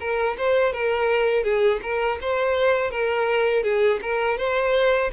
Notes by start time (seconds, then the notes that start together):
0.00 A#4
0.38 C5
0.73 A#4
1.44 G#4
1.83 A#4
2.22 C5
2.91 A#4
3.64 G#4
4.02 A#4
4.38 C5